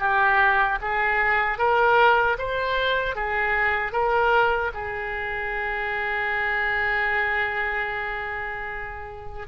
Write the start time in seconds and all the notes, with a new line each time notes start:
0.00 G4
0.81 G#4
1.58 A#4
2.39 C5
3.16 G#4
3.93 A#4
4.74 G#4